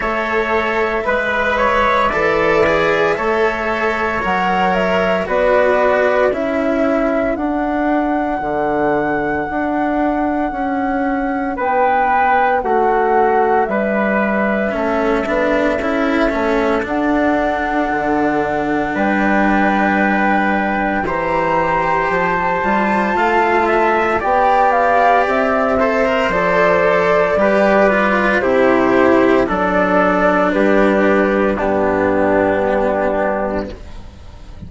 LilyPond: <<
  \new Staff \with { instrumentName = "flute" } { \time 4/4 \tempo 4 = 57 e''1 | fis''8 e''8 d''4 e''4 fis''4~ | fis''2. g''4 | fis''4 e''2. |
fis''2 g''2 | ais''4 a''2 g''8 f''8 | e''4 d''2 c''4 | d''4 b'4 g'2 | }
  \new Staff \with { instrumentName = "trumpet" } { \time 4/4 cis''4 b'8 cis''8 d''4 cis''4~ | cis''4 b'4 a'2~ | a'2. b'4 | fis'4 b'4 a'2~ |
a'2 b'2 | c''2 f''8 e''8 d''4~ | d''8 c''4. b'4 g'4 | a'4 g'4 d'2 | }
  \new Staff \with { instrumentName = "cello" } { \time 4/4 a'4 b'4 a'8 gis'8 a'4 | ais'4 fis'4 e'4 d'4~ | d'1~ | d'2 cis'8 d'8 e'8 cis'8 |
d'1 | g'4. f'4. g'4~ | g'8 a'16 ais'16 a'4 g'8 f'8 e'4 | d'2 b2 | }
  \new Staff \with { instrumentName = "bassoon" } { \time 4/4 a4 gis4 e4 a4 | fis4 b4 cis'4 d'4 | d4 d'4 cis'4 b4 | a4 g4 a8 b8 cis'8 a8 |
d'4 d4 g2 | e4 f8 g8 a4 b4 | c'4 f4 g4 c4 | fis4 g4 g,2 | }
>>